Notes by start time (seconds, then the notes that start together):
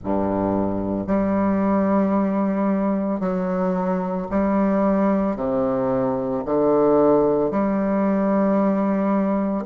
0.03 G2
1.06 G3
3.19 F#3
4.31 G3
5.36 C3
6.45 D3
7.50 G3